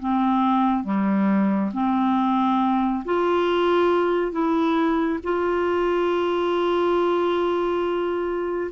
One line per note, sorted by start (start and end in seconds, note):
0.00 0.84 C4
0.84 1.71 G3
1.74 3.04 C4
3.05 4.32 F4
4.32 5.19 E4
5.23 8.71 F4